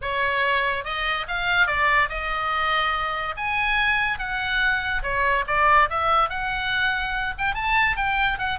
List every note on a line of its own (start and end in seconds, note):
0.01 0.84 C#5
0.84 1.26 D#5
1.28 1.66 F5
1.66 2.08 D5
2.09 3.35 D#5
3.37 4.18 G#5
4.18 5.02 F#5
5.02 5.44 C#5
5.47 5.89 D5
5.89 6.29 E5
6.29 7.34 F#5
7.38 7.54 G5
7.54 7.96 A5
7.96 8.38 G5
8.38 8.58 F#5